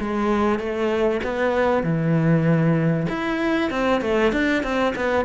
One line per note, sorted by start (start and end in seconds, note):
0.00 0.59 G#3
0.59 1.21 A3
1.23 1.83 B3
1.83 3.07 E3
3.09 3.70 E4
3.70 4.01 C4
4.01 4.32 A3
4.32 4.63 D4
4.63 4.94 C4
4.95 5.25 B3